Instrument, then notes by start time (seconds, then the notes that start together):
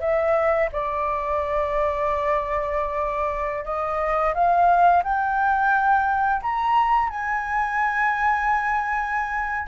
flute
0.00 E5
0.72 D5
3.65 D#5
4.34 F5
5.03 G5
6.42 A#5
7.09 G#5